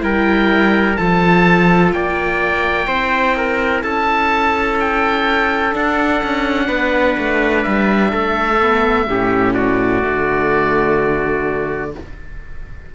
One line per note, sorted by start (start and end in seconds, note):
0.00 0.98 G3
0.00 0.95 E4
0.00 0.99 A#4
0.00 0.96 G5
0.96 1.92 F3
0.96 2.87 F4
0.96 1.94 A4
0.96 1.91 A5
1.92 2.87 A#3
1.92 2.88 D5
1.92 3.82 G5
2.87 3.83 C4
2.87 5.71 E4
2.87 3.35 C5
3.37 3.84 A#4
3.82 5.74 C#4
3.82 6.67 A4
3.82 4.78 A5
4.80 5.75 G5
5.71 8.56 D4
5.71 6.23 D4
5.71 7.63 F#5
6.23 6.69 C#4
6.67 7.17 B3
6.67 8.10 B4
7.18 7.66 A3
7.63 8.12 G3
7.63 9.54 E5
8.11 9.08 A3
8.11 9.06 A4
8.61 9.08 B3
9.08 10.03 A2
9.08 10.02 C#4
9.08 9.54 G4
9.54 11.92 F#4
9.54 11.92 D5
10.02 11.95 D3
10.02 11.93 A3